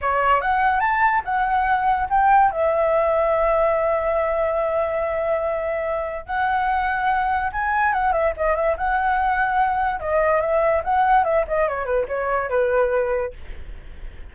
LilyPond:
\new Staff \with { instrumentName = "flute" } { \time 4/4 \tempo 4 = 144 cis''4 fis''4 a''4 fis''4~ | fis''4 g''4 e''2~ | e''1~ | e''2. fis''4~ |
fis''2 gis''4 fis''8 e''8 | dis''8 e''8 fis''2. | dis''4 e''4 fis''4 e''8 dis''8 | cis''8 b'8 cis''4 b'2 | }